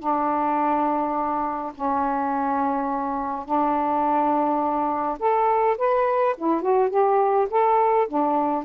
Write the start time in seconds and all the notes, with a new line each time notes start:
0.00 D4
1.75 C#4
3.46 D4
5.20 A4
5.78 B4
6.38 E4
6.62 F#4
6.90 G4
7.51 A4
8.08 D4